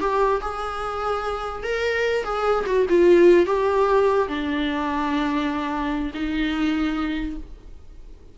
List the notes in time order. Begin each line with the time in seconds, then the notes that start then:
0.00 G4
0.41 G#4
1.63 A#4
2.24 G#4
2.66 F#4
2.89 F4
3.46 G4
4.28 D4
6.14 D#4